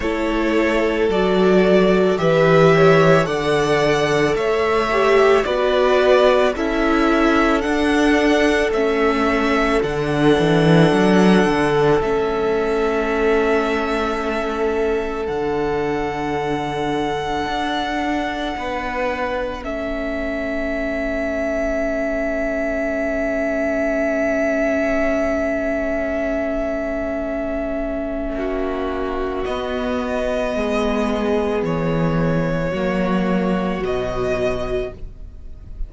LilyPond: <<
  \new Staff \with { instrumentName = "violin" } { \time 4/4 \tempo 4 = 55 cis''4 d''4 e''4 fis''4 | e''4 d''4 e''4 fis''4 | e''4 fis''2 e''4~ | e''2 fis''2~ |
fis''2 e''2~ | e''1~ | e''2. dis''4~ | dis''4 cis''2 dis''4 | }
  \new Staff \with { instrumentName = "violin" } { \time 4/4 a'2 b'8 cis''8 d''4 | cis''4 b'4 a'2~ | a'1~ | a'1~ |
a'4 b'4 a'2~ | a'1~ | a'2 fis'2 | gis'2 fis'2 | }
  \new Staff \with { instrumentName = "viola" } { \time 4/4 e'4 fis'4 g'4 a'4~ | a'8 g'8 fis'4 e'4 d'4 | cis'4 d'2 cis'4~ | cis'2 d'2~ |
d'2 cis'2~ | cis'1~ | cis'2. b4~ | b2 ais4 fis4 | }
  \new Staff \with { instrumentName = "cello" } { \time 4/4 a4 fis4 e4 d4 | a4 b4 cis'4 d'4 | a4 d8 e8 fis8 d8 a4~ | a2 d2 |
d'4 b4 a2~ | a1~ | a2 ais4 b4 | gis4 e4 fis4 b,4 | }
>>